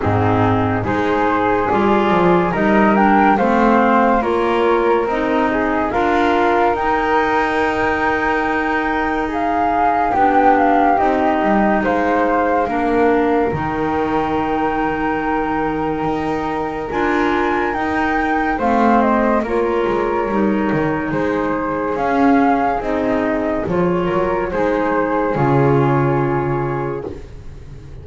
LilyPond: <<
  \new Staff \with { instrumentName = "flute" } { \time 4/4 \tempo 4 = 71 gis'4 c''4 d''4 dis''8 g''8 | f''4 cis''4 dis''4 f''4 | g''2. f''4 | g''8 f''8 dis''4 f''2 |
g''1 | gis''4 g''4 f''8 dis''8 cis''4~ | cis''4 c''4 f''4 dis''4 | cis''4 c''4 cis''2 | }
  \new Staff \with { instrumentName = "flute" } { \time 4/4 dis'4 gis'2 ais'4 | c''4 ais'4. gis'8 ais'4~ | ais'2. gis'4 | g'2 c''4 ais'4~ |
ais'1~ | ais'2 c''4 ais'4~ | ais'4 gis'2.~ | gis'8 ais'8 gis'2. | }
  \new Staff \with { instrumentName = "clarinet" } { \time 4/4 c'4 dis'4 f'4 dis'8 d'8 | c'4 f'4 dis'4 f'4 | dis'1 | d'4 dis'2 d'4 |
dis'1 | f'4 dis'4 c'4 f'4 | dis'2 cis'4 dis'4 | f'4 dis'4 f'2 | }
  \new Staff \with { instrumentName = "double bass" } { \time 4/4 gis,4 gis4 g8 f8 g4 | a4 ais4 c'4 d'4 | dis'1 | b4 c'8 g8 gis4 ais4 |
dis2. dis'4 | d'4 dis'4 a4 ais8 gis8 | g8 dis8 gis4 cis'4 c'4 | f8 fis8 gis4 cis2 | }
>>